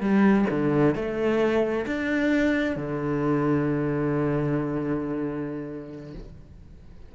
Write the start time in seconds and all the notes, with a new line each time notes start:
0.00 G3
0.50 D3
0.95 A3
1.86 D4
2.76 D3